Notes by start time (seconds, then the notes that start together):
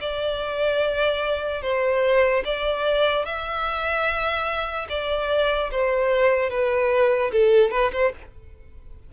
0.00 D5
1.62 C5
2.45 D5
3.25 E5
4.89 D5
5.71 C5
6.50 B4
7.32 A4
7.71 B4
7.92 C5